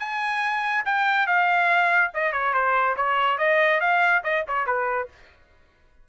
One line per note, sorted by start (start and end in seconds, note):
0.00 0.85 G#5
0.86 1.27 G5
1.27 2.12 F5
2.15 2.33 D#5
2.33 2.54 C#5
2.54 2.96 C5
2.97 3.38 C#5
3.38 3.81 D#5
3.81 4.23 F5
4.24 4.45 D#5
4.48 4.67 C#5
4.67 5.09 B4